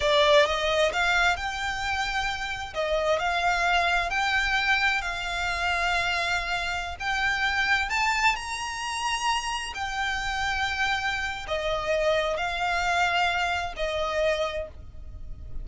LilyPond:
\new Staff \with { instrumentName = "violin" } { \time 4/4 \tempo 4 = 131 d''4 dis''4 f''4 g''4~ | g''2 dis''4 f''4~ | f''4 g''2 f''4~ | f''2.~ f''16 g''8.~ |
g''4~ g''16 a''4 ais''4.~ ais''16~ | ais''4~ ais''16 g''2~ g''8.~ | g''4 dis''2 f''4~ | f''2 dis''2 | }